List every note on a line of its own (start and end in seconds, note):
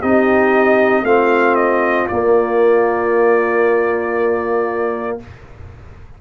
0.00 1.02 C4
0.00 1.06 D#4
0.00 1.03 G4
0.00 1.05 D#5
1.02 2.05 A3
1.02 2.09 C4
1.02 5.18 F4
1.02 1.55 F5
1.55 2.07 D#5
2.08 5.20 A#3
2.08 5.21 A#3
2.08 5.18 D5